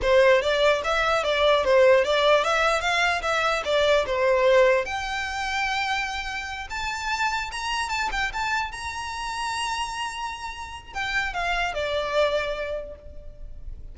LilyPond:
\new Staff \with { instrumentName = "violin" } { \time 4/4 \tempo 4 = 148 c''4 d''4 e''4 d''4 | c''4 d''4 e''4 f''4 | e''4 d''4 c''2 | g''1~ |
g''8 a''2 ais''4 a''8 | g''8 a''4 ais''2~ ais''8~ | ais''2. g''4 | f''4 d''2. | }